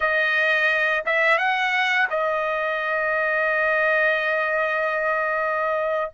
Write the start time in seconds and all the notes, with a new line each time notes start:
0.00 D#5
1.05 E5
1.38 F#5
2.10 D#5